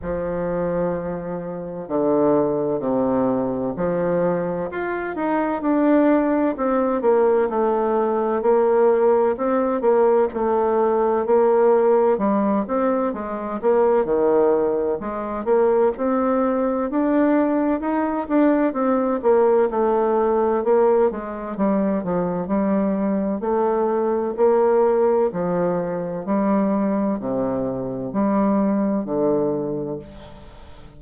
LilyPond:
\new Staff \with { instrumentName = "bassoon" } { \time 4/4 \tempo 4 = 64 f2 d4 c4 | f4 f'8 dis'8 d'4 c'8 ais8 | a4 ais4 c'8 ais8 a4 | ais4 g8 c'8 gis8 ais8 dis4 |
gis8 ais8 c'4 d'4 dis'8 d'8 | c'8 ais8 a4 ais8 gis8 g8 f8 | g4 a4 ais4 f4 | g4 c4 g4 d4 | }